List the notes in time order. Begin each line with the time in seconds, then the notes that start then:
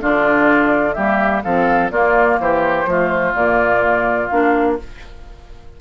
0.00 D3 D4 F4 D5
0.93 G3 A#3 G4 E5
1.43 F3 C4 A4 F5
1.90 A#3 F4 D5
2.39 E3 G4 C5
2.85 F3 A3 F4
3.33 A#2 A#3 D5
4.27 A#3 D4 F5